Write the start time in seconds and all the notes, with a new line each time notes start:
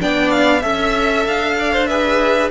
0.00 B3 D4 D5 G5
0.31 F5
0.60 C#4 A4 E5
1.26 D4 F5
1.59 D5
1.73 C5
1.87 G#4 B4 E5